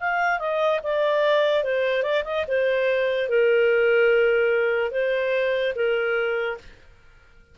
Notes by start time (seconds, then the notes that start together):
0.00 F5
0.39 D#5
0.84 D5
1.64 C5
2.03 D5
2.25 D#5
2.48 C5
3.29 A#4
4.92 C5
5.76 A#4